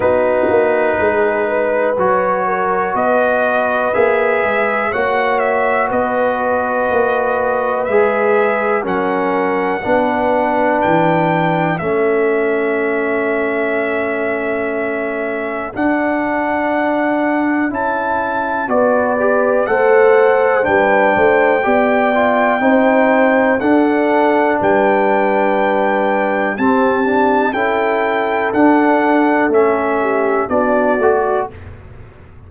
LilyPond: <<
  \new Staff \with { instrumentName = "trumpet" } { \time 4/4 \tempo 4 = 61 b'2 cis''4 dis''4 | e''4 fis''8 e''8 dis''2 | e''4 fis''2 g''4 | e''1 |
fis''2 a''4 d''4 | fis''4 g''2. | fis''4 g''2 a''4 | g''4 fis''4 e''4 d''4 | }
  \new Staff \with { instrumentName = "horn" } { \time 4/4 fis'4 gis'8 b'4 ais'8 b'4~ | b'4 cis''4 b'2~ | b'4 ais'4 b'2 | a'1~ |
a'2. b'4 | c''4 b'8 c''8 d''4 c''4 | a'4 b'2 g'4 | a'2~ a'8 g'8 fis'4 | }
  \new Staff \with { instrumentName = "trombone" } { \time 4/4 dis'2 fis'2 | gis'4 fis'2. | gis'4 cis'4 d'2 | cis'1 |
d'2 e'4 fis'8 g'8 | a'4 d'4 g'8 f'8 dis'4 | d'2. c'8 d'8 | e'4 d'4 cis'4 d'8 fis'8 | }
  \new Staff \with { instrumentName = "tuba" } { \time 4/4 b8 ais8 gis4 fis4 b4 | ais8 gis8 ais4 b4 ais4 | gis4 fis4 b4 e4 | a1 |
d'2 cis'4 b4 | a4 g8 a8 b4 c'4 | d'4 g2 c'4 | cis'4 d'4 a4 b8 a8 | }
>>